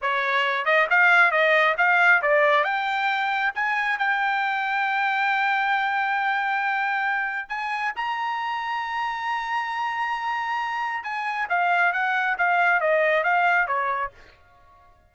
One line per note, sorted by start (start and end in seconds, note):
0.01 0.65 C#5
0.65 0.87 D#5
0.89 1.31 F5
1.31 1.75 D#5
1.77 2.21 F5
2.22 2.64 D5
2.64 3.52 G5
3.54 3.98 G#5
3.98 7.48 G5
7.48 7.92 G#5
7.95 11.03 A#5
11.03 11.47 G#5
11.49 11.92 F5
11.92 12.36 F#5
12.37 12.80 F5
12.80 13.23 D#5
13.23 13.67 F5
13.67 14.11 C#5